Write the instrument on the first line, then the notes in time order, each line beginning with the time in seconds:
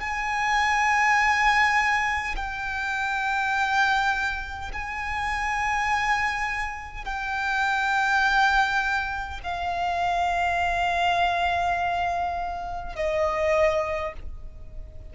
violin
0.00 G#5
2.36 G5
4.73 G#5
7.05 G5
9.43 F5
12.96 D#5